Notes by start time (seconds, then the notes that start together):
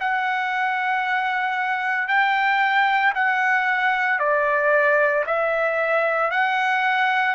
0.00 F#5
2.08 G5
3.15 F#5
4.19 D5
5.26 E5
6.31 F#5